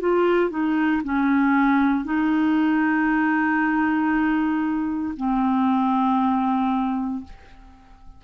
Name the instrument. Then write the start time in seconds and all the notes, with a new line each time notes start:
clarinet
0.00 F4
0.50 D#4
1.03 C#4
2.04 D#4
5.17 C4